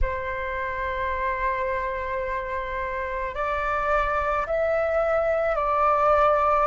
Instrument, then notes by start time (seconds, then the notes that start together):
flute
0.02 C5
3.34 D5
4.46 E5
5.55 D5